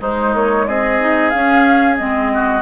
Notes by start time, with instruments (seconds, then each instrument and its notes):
0.00 bassoon G#3, clarinet G#3, oboe D#4, flute C5
0.33 bassoon A#3, flute C#5
0.67 bassoon C4, oboe G#4, flute D#5
0.99 clarinet D#4
1.30 clarinet C#4, bassoon C#4, flute F5
1.96 bassoon G#3, clarinet C4, flute D#5
2.33 oboe F#4